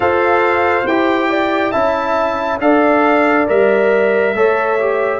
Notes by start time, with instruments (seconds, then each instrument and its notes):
0.00 tuba F4, trombone A4, horn C5, trumpet F5
0.86 tuba E4, trombone G4, trumpet G5
1.29 horn D5
1.71 tuba C#4, trombone E4, horn E5, trumpet A5
2.59 tuba D4, trombone A4, horn D5, trumpet F5
3.47 tuba G3, trombone A#4, trumpet E5
4.34 tuba A3, trombone A4, horn C#5
4.79 trombone G4